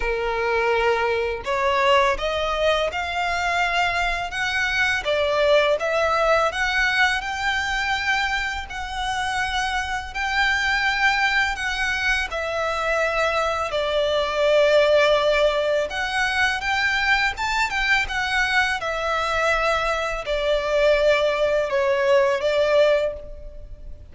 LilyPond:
\new Staff \with { instrumentName = "violin" } { \time 4/4 \tempo 4 = 83 ais'2 cis''4 dis''4 | f''2 fis''4 d''4 | e''4 fis''4 g''2 | fis''2 g''2 |
fis''4 e''2 d''4~ | d''2 fis''4 g''4 | a''8 g''8 fis''4 e''2 | d''2 cis''4 d''4 | }